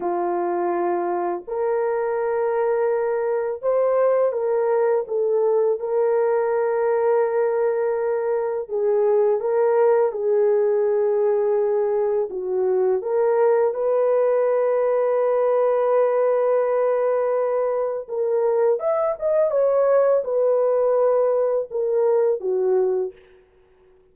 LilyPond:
\new Staff \with { instrumentName = "horn" } { \time 4/4 \tempo 4 = 83 f'2 ais'2~ | ais'4 c''4 ais'4 a'4 | ais'1 | gis'4 ais'4 gis'2~ |
gis'4 fis'4 ais'4 b'4~ | b'1~ | b'4 ais'4 e''8 dis''8 cis''4 | b'2 ais'4 fis'4 | }